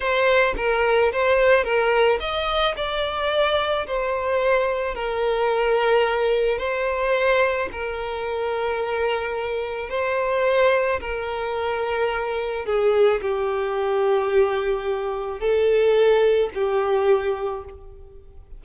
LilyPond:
\new Staff \with { instrumentName = "violin" } { \time 4/4 \tempo 4 = 109 c''4 ais'4 c''4 ais'4 | dis''4 d''2 c''4~ | c''4 ais'2. | c''2 ais'2~ |
ais'2 c''2 | ais'2. gis'4 | g'1 | a'2 g'2 | }